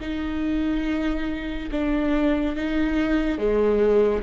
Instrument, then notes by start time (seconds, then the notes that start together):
viola
0.00 D#4
1.71 D4
2.56 D#4
3.38 G#3